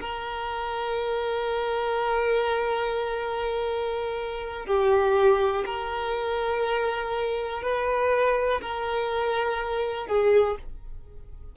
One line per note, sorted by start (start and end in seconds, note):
0.00 4.66 A#4
4.66 5.64 G4
5.65 7.62 A#4
7.62 8.61 B4
8.61 10.07 A#4
10.07 10.56 G#4